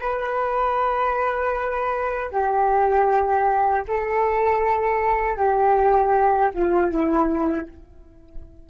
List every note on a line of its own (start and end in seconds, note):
0.00 2.31 B4
2.31 3.85 G4
3.88 5.37 A4
5.37 6.52 G4
6.54 6.91 F4
6.91 7.68 E4